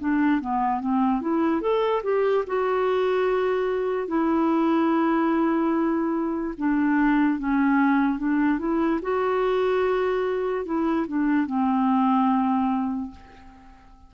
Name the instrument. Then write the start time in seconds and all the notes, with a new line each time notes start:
clarinet
0.00 D4
0.41 B3
0.81 C4
1.21 E4
1.62 A4
2.03 G4
2.47 F#4
4.08 E4
6.58 D4
7.39 C#4
8.19 D4
8.59 E4
9.02 F#4
10.66 E4
11.08 D4
11.47 C4